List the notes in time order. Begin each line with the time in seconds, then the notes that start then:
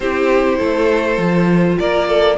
0.00 C4 E4 G4 C5
0.58 A3 A4
1.17 F3 F4
1.79 A#3 A#4 D5
2.07 A4